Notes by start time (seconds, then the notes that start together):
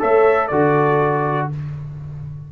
0.00 A3 A4 C#5 E5
0.48 D3 F#4 A4 D5